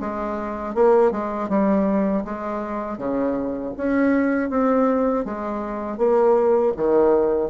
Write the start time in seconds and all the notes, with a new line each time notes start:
0.00 G#3
0.74 A#3
1.11 G#3
1.49 G3
2.24 G#3
2.97 C#3
3.77 C#4
4.49 C4
5.25 G#3
5.97 A#3
6.76 D#3